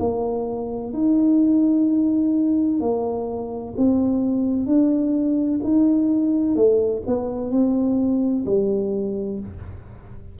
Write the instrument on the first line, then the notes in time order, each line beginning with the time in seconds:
tuba
0.00 A#3
0.93 D#4
2.81 A#3
3.78 C4
4.67 D4
5.64 D#4
6.56 A3
7.07 B3
7.51 C4
8.46 G3